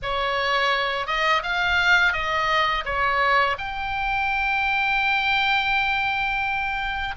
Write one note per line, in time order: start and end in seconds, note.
0.02 1.06 C#5
1.06 1.42 D#5
1.43 2.12 F5
2.12 2.84 D#5
2.85 3.56 C#5
3.57 7.15 G5